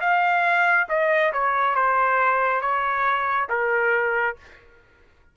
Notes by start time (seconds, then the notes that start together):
0.00 F5
0.89 D#5
1.32 C#5
1.75 C5
2.61 C#5
3.49 A#4